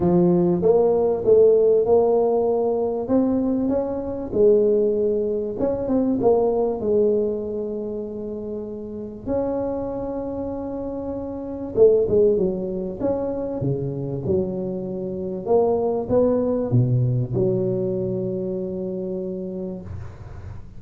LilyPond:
\new Staff \with { instrumentName = "tuba" } { \time 4/4 \tempo 4 = 97 f4 ais4 a4 ais4~ | ais4 c'4 cis'4 gis4~ | gis4 cis'8 c'8 ais4 gis4~ | gis2. cis'4~ |
cis'2. a8 gis8 | fis4 cis'4 cis4 fis4~ | fis4 ais4 b4 b,4 | fis1 | }